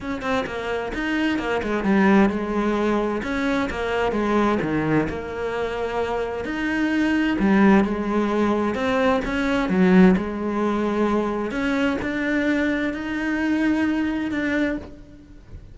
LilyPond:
\new Staff \with { instrumentName = "cello" } { \time 4/4 \tempo 4 = 130 cis'8 c'8 ais4 dis'4 ais8 gis8 | g4 gis2 cis'4 | ais4 gis4 dis4 ais4~ | ais2 dis'2 |
g4 gis2 c'4 | cis'4 fis4 gis2~ | gis4 cis'4 d'2 | dis'2. d'4 | }